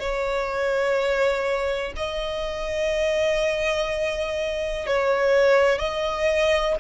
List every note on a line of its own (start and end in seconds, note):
0.00 1.94 C#5
1.97 4.87 D#5
4.87 5.79 C#5
5.79 6.76 D#5